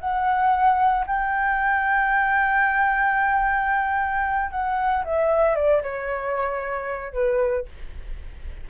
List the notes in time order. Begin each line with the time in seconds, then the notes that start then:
0.00 F#5
1.07 G5
4.51 F#5
5.05 E5
5.56 D5
5.83 C#5
7.13 B4